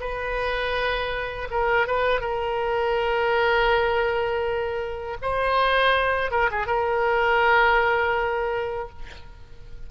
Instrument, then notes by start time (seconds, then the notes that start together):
oboe
0.00 B4
1.51 A#4
1.87 B4
2.21 A#4
5.22 C5
6.31 A#4
6.51 G#4
6.66 A#4